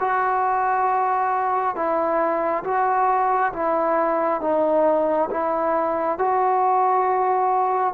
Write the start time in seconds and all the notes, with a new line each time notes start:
0.00 F#4
1.76 E4
2.64 F#4
3.53 E4
4.41 D#4
5.31 E4
6.18 F#4